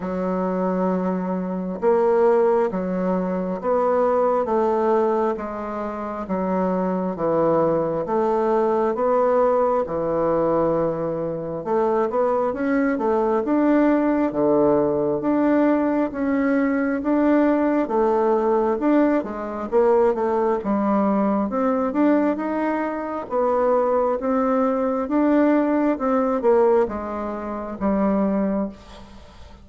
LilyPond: \new Staff \with { instrumentName = "bassoon" } { \time 4/4 \tempo 4 = 67 fis2 ais4 fis4 | b4 a4 gis4 fis4 | e4 a4 b4 e4~ | e4 a8 b8 cis'8 a8 d'4 |
d4 d'4 cis'4 d'4 | a4 d'8 gis8 ais8 a8 g4 | c'8 d'8 dis'4 b4 c'4 | d'4 c'8 ais8 gis4 g4 | }